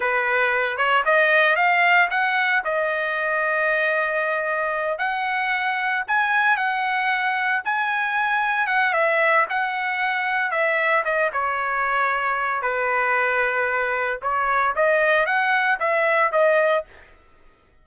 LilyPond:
\new Staff \with { instrumentName = "trumpet" } { \time 4/4 \tempo 4 = 114 b'4. cis''8 dis''4 f''4 | fis''4 dis''2.~ | dis''4. fis''2 gis''8~ | gis''8 fis''2 gis''4.~ |
gis''8 fis''8 e''4 fis''2 | e''4 dis''8 cis''2~ cis''8 | b'2. cis''4 | dis''4 fis''4 e''4 dis''4 | }